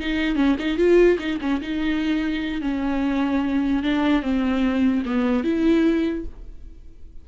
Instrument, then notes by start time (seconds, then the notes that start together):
viola
0.00 D#4
0.36 C#4
0.59 D#4
0.77 F4
1.19 D#4
1.41 C#4
1.61 D#4
2.61 C#4
3.83 D4
4.22 C4
5.05 B3
5.44 E4